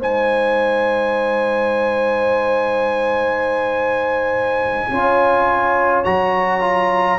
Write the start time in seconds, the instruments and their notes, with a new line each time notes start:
0.00 tuba G#3, trombone D#4, horn C5, trumpet G#5
4.90 tuba C#4, trombone F4, horn C#5
6.05 tuba F#3, trombone F#4, trumpet A#5
6.61 trombone F4